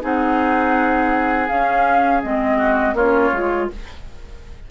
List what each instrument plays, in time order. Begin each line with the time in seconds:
0.00 bassoon C4, clarinet D#4, oboe G#4, flute F#5
1.48 clarinet C#4, bassoon C#4, flute F5
2.23 bassoon G#3, clarinet C4, flute D#5
2.57 oboe F#4
2.93 bassoon A#3, clarinet C#4, oboe F4, flute C#5
3.31 bassoon G#3, clarinet F4